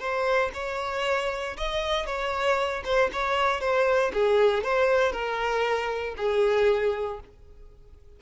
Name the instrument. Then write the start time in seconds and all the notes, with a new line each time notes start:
violin
0.00 C5
0.54 C#5
1.57 D#5
2.07 C#5
2.85 C5
3.13 C#5
3.61 C5
4.14 G#4
4.64 C5
5.13 A#4
6.17 G#4